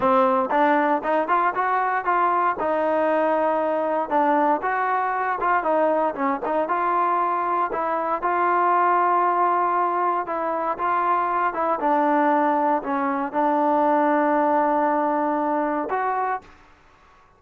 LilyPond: \new Staff \with { instrumentName = "trombone" } { \time 4/4 \tempo 4 = 117 c'4 d'4 dis'8 f'8 fis'4 | f'4 dis'2. | d'4 fis'4. f'8 dis'4 | cis'8 dis'8 f'2 e'4 |
f'1 | e'4 f'4. e'8 d'4~ | d'4 cis'4 d'2~ | d'2. fis'4 | }